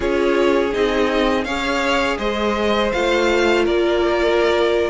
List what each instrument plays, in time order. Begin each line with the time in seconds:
0.00 cello C#4, viola F4, violin G#4 C#5
0.72 cello C4, viola D#4, violin D#5
1.44 cello C#4, viola G#4, violin C#5 F5
2.18 cello G#3, violin C5 D#5
2.92 cello A3, viola F4, violin F5
3.64 cello A#3, violin A#4 D5